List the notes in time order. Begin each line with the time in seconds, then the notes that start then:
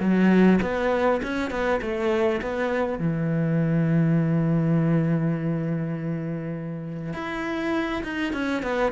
0.00 F#3
0.62 B3
1.23 C#4
1.51 B3
1.82 A3
2.41 B3
2.99 E3
7.13 E4
8.03 D#4
8.33 C#4
8.62 B3